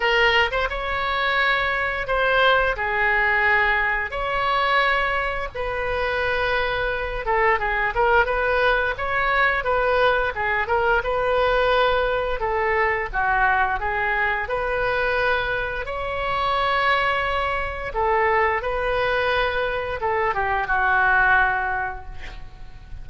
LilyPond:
\new Staff \with { instrumentName = "oboe" } { \time 4/4 \tempo 4 = 87 ais'8. c''16 cis''2 c''4 | gis'2 cis''2 | b'2~ b'8 a'8 gis'8 ais'8 | b'4 cis''4 b'4 gis'8 ais'8 |
b'2 a'4 fis'4 | gis'4 b'2 cis''4~ | cis''2 a'4 b'4~ | b'4 a'8 g'8 fis'2 | }